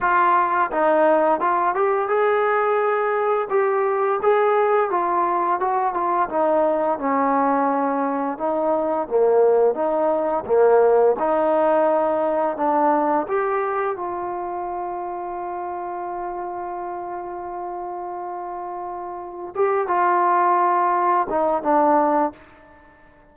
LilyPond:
\new Staff \with { instrumentName = "trombone" } { \time 4/4 \tempo 4 = 86 f'4 dis'4 f'8 g'8 gis'4~ | gis'4 g'4 gis'4 f'4 | fis'8 f'8 dis'4 cis'2 | dis'4 ais4 dis'4 ais4 |
dis'2 d'4 g'4 | f'1~ | f'1 | g'8 f'2 dis'8 d'4 | }